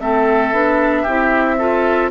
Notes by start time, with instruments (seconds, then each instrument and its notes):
0.00 bassoon A3, clarinet C4, oboe A4, flute E5
0.52 bassoon B3, clarinet D4
1.03 bassoon C4, clarinet E4, oboe G4
1.59 clarinet F4, oboe A4